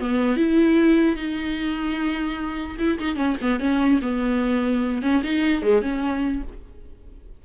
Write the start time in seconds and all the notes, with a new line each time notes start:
0.00 B3
0.37 E4
1.16 D#4
2.78 E4
2.99 D#4
3.16 C#4
3.42 B3
3.60 C#4
4.02 B3
5.02 C#4
5.23 D#4
5.62 G#3
5.82 C#4